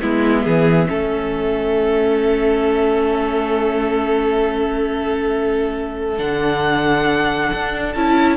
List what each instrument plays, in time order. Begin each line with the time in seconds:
0.00 cello G#3, viola B3, violin E4 E5
0.43 cello E3, violin G#4
0.86 cello A3, viola C#4, violin A4
6.18 cello D3, viola D4, violin F#5
7.53 cello D4
7.93 cello C#4, viola E4, violin A5